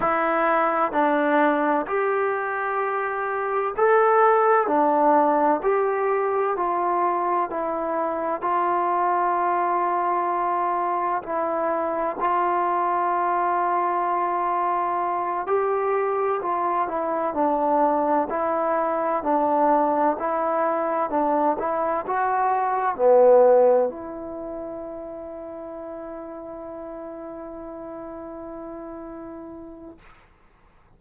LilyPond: \new Staff \with { instrumentName = "trombone" } { \time 4/4 \tempo 4 = 64 e'4 d'4 g'2 | a'4 d'4 g'4 f'4 | e'4 f'2. | e'4 f'2.~ |
f'8 g'4 f'8 e'8 d'4 e'8~ | e'8 d'4 e'4 d'8 e'8 fis'8~ | fis'8 b4 e'2~ e'8~ | e'1 | }